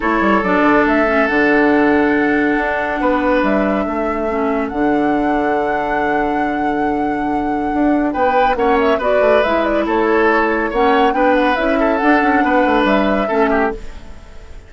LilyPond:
<<
  \new Staff \with { instrumentName = "flute" } { \time 4/4 \tempo 4 = 140 cis''4 d''4 e''4 fis''4~ | fis''1 | e''2. fis''4~ | fis''1~ |
fis''2. g''4 | fis''8 e''8 d''4 e''8 d''8 cis''4~ | cis''4 fis''4 g''8 fis''8 e''4 | fis''2 e''2 | }
  \new Staff \with { instrumentName = "oboe" } { \time 4/4 a'1~ | a'2. b'4~ | b'4 a'2.~ | a'1~ |
a'2. b'4 | cis''4 b'2 a'4~ | a'4 cis''4 b'4. a'8~ | a'4 b'2 a'8 g'8 | }
  \new Staff \with { instrumentName = "clarinet" } { \time 4/4 e'4 d'4. cis'8 d'4~ | d'1~ | d'2 cis'4 d'4~ | d'1~ |
d'1 | cis'4 fis'4 e'2~ | e'4 cis'4 d'4 e'4 | d'2. cis'4 | }
  \new Staff \with { instrumentName = "bassoon" } { \time 4/4 a8 g8 fis8 d8 a4 d4~ | d2 d'4 b4 | g4 a2 d4~ | d1~ |
d2 d'4 b4 | ais4 b8 a8 gis4 a4~ | a4 ais4 b4 cis'4 | d'8 cis'8 b8 a8 g4 a4 | }
>>